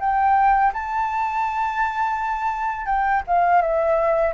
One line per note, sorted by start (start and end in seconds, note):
0.00 0.72 G5
0.73 2.86 A5
2.86 3.22 G5
3.27 3.61 F5
3.61 4.34 E5